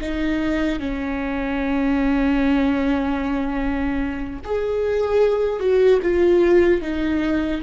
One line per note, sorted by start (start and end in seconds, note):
0.00 0.79 D#4
0.79 4.39 C#4
4.44 5.59 G#4
5.59 5.99 F#4
6.02 6.81 F4
6.81 7.61 D#4